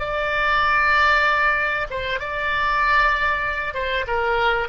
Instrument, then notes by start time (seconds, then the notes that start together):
oboe
0.00 D5
1.91 C5
2.20 D5
3.74 C5
4.07 A#4